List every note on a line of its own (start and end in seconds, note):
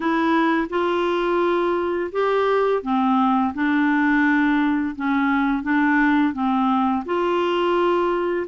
0.00 0.67 E4
0.69 2.10 F4
2.12 2.82 G4
2.82 3.53 C4
3.54 4.95 D4
4.95 5.62 C#4
5.62 6.33 D4
6.33 7.03 C4
7.05 8.46 F4